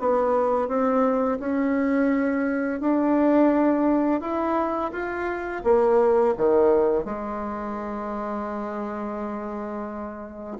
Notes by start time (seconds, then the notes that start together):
0.00 B3
0.68 C4
1.40 C#4
2.81 D4
4.21 E4
4.92 F4
5.64 A#3
6.37 D#3
7.05 G#3